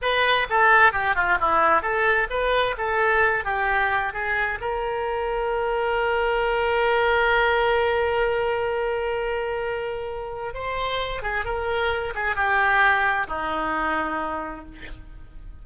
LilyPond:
\new Staff \with { instrumentName = "oboe" } { \time 4/4 \tempo 4 = 131 b'4 a'4 g'8 f'8 e'4 | a'4 b'4 a'4. g'8~ | g'4 gis'4 ais'2~ | ais'1~ |
ais'1~ | ais'2. c''4~ | c''8 gis'8 ais'4. gis'8 g'4~ | g'4 dis'2. | }